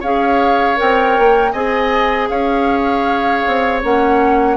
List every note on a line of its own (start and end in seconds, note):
0.00 0.78 C#4
0.00 0.76 G#4
0.00 1.52 C#5
0.00 0.79 F5
0.76 1.18 C4
0.76 1.52 A#4
0.76 1.52 G5
1.18 1.53 A#3
1.52 2.29 C4
1.52 3.83 G#4
1.52 2.28 D#5
1.52 2.28 G#5
2.29 3.44 C#4
2.29 4.56 C#5
2.29 3.81 F5
3.47 3.83 C4
3.83 4.56 A#3
3.83 4.56 C#4
3.83 4.56 F#5